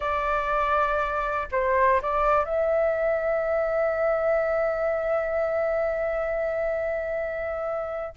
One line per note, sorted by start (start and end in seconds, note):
0.00 1.48 D5
1.51 2.01 C5
2.02 2.45 D5
2.45 8.15 E5